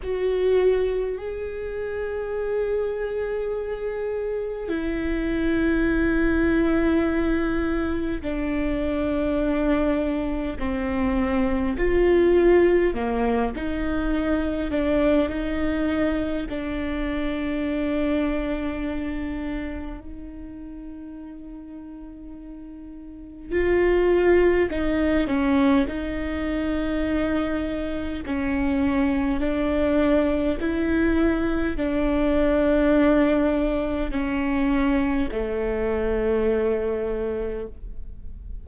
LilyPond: \new Staff \with { instrumentName = "viola" } { \time 4/4 \tempo 4 = 51 fis'4 gis'2. | e'2. d'4~ | d'4 c'4 f'4 ais8 dis'8~ | dis'8 d'8 dis'4 d'2~ |
d'4 dis'2. | f'4 dis'8 cis'8 dis'2 | cis'4 d'4 e'4 d'4~ | d'4 cis'4 a2 | }